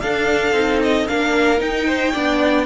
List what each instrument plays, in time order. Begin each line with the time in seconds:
0.00 viola D4, cello D4, violin A4 F5
0.52 cello C4, viola D#4
0.82 violin D#5
1.07 cello A#3, viola D4, violin A#4 F5
1.58 viola D#4, cello D#4, violin G5
1.87 violin C5
2.12 cello B3, viola D4, violin D5